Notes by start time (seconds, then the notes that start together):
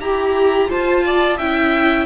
0.00 E4 G4 A#5
0.68 F4 C5 A5
1.06 D5
1.37 C#4 E4 E5 G5